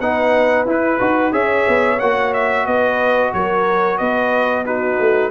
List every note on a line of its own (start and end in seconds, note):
0.00 0.65 B3
0.00 0.66 D#4
0.00 1.33 B4
0.00 0.67 F#5
0.65 0.98 E4
0.65 0.99 E4
0.65 1.33 B4
0.99 1.32 D#4
0.99 1.32 F#4
1.32 1.66 C#4
1.32 1.98 G#4
1.32 2.66 C#5
1.32 1.99 E5
1.68 2.00 B3
1.99 2.66 A#3
1.99 4.65 F#4
1.99 2.33 F#5
2.33 2.66 E5
2.66 3.33 B3
2.66 3.33 B4
2.66 3.33 D#5
3.33 4.00 F#3
3.33 3.98 A#4
3.33 3.98 C#5
3.98 4.99 B3
3.98 4.65 B4
3.98 4.64 D#5
4.65 5.31 D#4
4.65 5.31 F#4
4.65 5.31 B4
4.99 5.31 A3